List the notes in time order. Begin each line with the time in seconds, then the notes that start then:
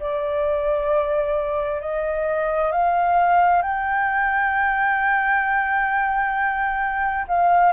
0.00 D5
1.81 D#5
2.72 F5
3.63 G5
7.28 F5